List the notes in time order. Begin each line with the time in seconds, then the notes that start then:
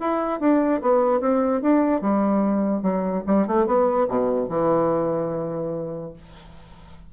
0.00 E4
0.40 D4
0.82 B3
1.20 C4
1.61 D4
2.01 G3
2.82 F#3
3.27 G3
3.47 A3
3.66 B3
4.08 B2
4.49 E3